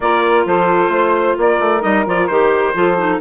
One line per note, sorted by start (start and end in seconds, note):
0.00 0.45 A#3
0.00 1.81 F4
0.00 0.46 A#4
0.00 0.46 D5
0.45 0.88 F3
0.45 0.92 A4
0.45 1.39 C5
0.88 1.34 A3
0.88 1.37 C5
1.37 1.59 A#3
1.37 2.75 A#4
1.37 1.82 D5
1.59 1.82 A3
1.81 2.06 G3
1.81 2.04 D#4
1.81 2.05 D#5
2.06 2.29 F3
2.06 2.29 F4
2.06 2.27 D5
2.27 2.74 D#3
2.27 2.73 G4
2.27 3.18 C5
2.73 3.20 F3
2.73 2.96 F4
2.73 3.20 A4
2.97 3.20 D#4